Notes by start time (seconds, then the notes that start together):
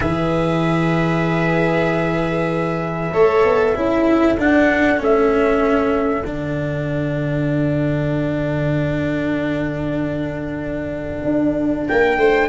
0.00 E3 G#4 B4 E5
3.13 A3 A4 C#5
3.43 B3
3.75 C#4 E4 A4
4.38 D4 F#5
4.97 A3 C#4 E5
6.24 D3 D4 F#5
11.24 D4
11.88 A#3 A#4 G5
12.17 A3 C5